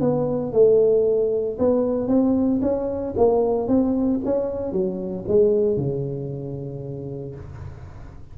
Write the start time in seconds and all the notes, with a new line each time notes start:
0.00 B3
0.52 A3
1.58 B3
2.07 C4
2.61 C#4
3.17 A#3
3.67 C4
4.25 C#4
4.72 F#3
5.27 G#3
5.77 C#3